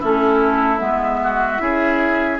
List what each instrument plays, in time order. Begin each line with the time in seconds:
0.00 bassoon A3, clarinet C#4, oboe E4, flute A4
0.78 bassoon G#3, clarinet B3, flute E5
1.24 oboe F#4
1.58 bassoon C#4, clarinet E4, oboe G#4